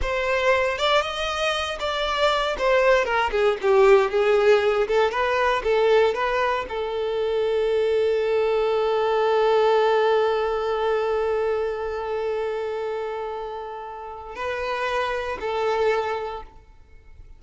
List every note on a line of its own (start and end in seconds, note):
0.01 0.78 C5
0.78 1.01 D5
1.01 1.78 D#5
1.79 2.56 D5
2.58 3.04 C5
3.04 3.30 A#4
3.31 3.57 G#4
3.61 4.10 G4
4.10 4.87 G#4
4.87 5.11 A4
5.11 5.62 B4
5.63 6.14 A4
6.14 6.65 B4
6.69 14.35 A4
14.35 15.38 B4
15.40 16.42 A4